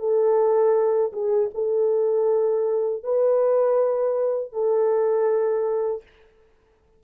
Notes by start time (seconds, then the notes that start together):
0.00 A4
1.13 G#4
1.54 A4
3.04 B4
4.53 A4